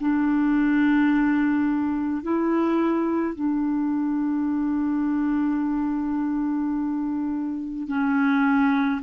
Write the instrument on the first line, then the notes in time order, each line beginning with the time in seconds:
clarinet
0.00 D4
2.22 E4
3.35 D4
7.87 C#4